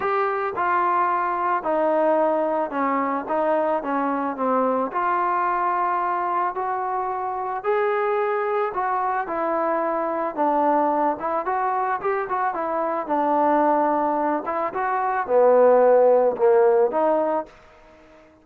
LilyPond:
\new Staff \with { instrumentName = "trombone" } { \time 4/4 \tempo 4 = 110 g'4 f'2 dis'4~ | dis'4 cis'4 dis'4 cis'4 | c'4 f'2. | fis'2 gis'2 |
fis'4 e'2 d'4~ | d'8 e'8 fis'4 g'8 fis'8 e'4 | d'2~ d'8 e'8 fis'4 | b2 ais4 dis'4 | }